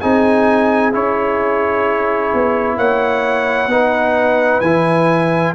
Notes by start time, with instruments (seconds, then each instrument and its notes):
0.00 tuba C4, trombone D#4, horn G#4, trumpet G#5
0.92 tuba C#4, trombone E4, trumpet C#5
2.33 tuba B3
2.77 tuba A#3, horn C#5, trumpet F#5
3.67 tuba B3, trombone D#4, horn B4
4.60 tuba E3, trombone E4, trumpet G#5